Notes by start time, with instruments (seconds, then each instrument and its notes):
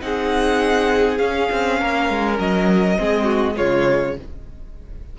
0.00 cello C4, viola D#4, violin G#4 F#5
1.18 cello C#4, viola C#4, violin F5
1.52 cello C4
1.80 cello A#3, violin A#4
2.10 cello G#3
2.39 cello F#3, violin D#5
2.97 cello G#3, viola C4, violin G#4
3.24 violin F#4
3.55 cello C#3, viola G#3, violin F4 C#5